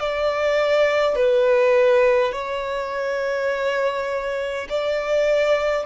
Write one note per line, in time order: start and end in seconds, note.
0.00 1.16 D5
1.16 2.32 B4
2.32 4.67 C#5
4.69 5.86 D5